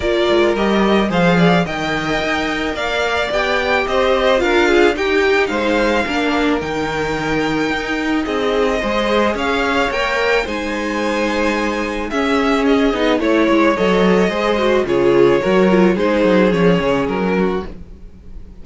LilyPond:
<<
  \new Staff \with { instrumentName = "violin" } { \time 4/4 \tempo 4 = 109 d''4 dis''4 f''4 g''4~ | g''4 f''4 g''4 dis''4 | f''4 g''4 f''2 | g''2. dis''4~ |
dis''4 f''4 g''4 gis''4~ | gis''2 e''4 dis''4 | cis''4 dis''2 cis''4~ | cis''4 c''4 cis''4 ais'4 | }
  \new Staff \with { instrumentName = "violin" } { \time 4/4 ais'2 c''8 d''8 dis''4~ | dis''4 d''2 c''4 | ais'8 gis'8 g'4 c''4 ais'4~ | ais'2. gis'4 |
c''4 cis''2 c''4~ | c''2 gis'2 | cis''2 c''4 gis'4 | ais'4 gis'2~ gis'8 fis'8 | }
  \new Staff \with { instrumentName = "viola" } { \time 4/4 f'4 g'4 gis'4 ais'4~ | ais'2 g'2 | f'4 dis'2 d'4 | dis'1 |
gis'2 ais'4 dis'4~ | dis'2 cis'4. dis'8 | e'4 a'4 gis'8 fis'8 f'4 | fis'8 f'8 dis'4 cis'2 | }
  \new Staff \with { instrumentName = "cello" } { \time 4/4 ais8 gis8 g4 f4 dis4 | dis'4 ais4 b4 c'4 | d'4 dis'4 gis4 ais4 | dis2 dis'4 c'4 |
gis4 cis'4 ais4 gis4~ | gis2 cis'4. b8 | a8 gis8 fis4 gis4 cis4 | fis4 gis8 fis8 f8 cis8 fis4 | }
>>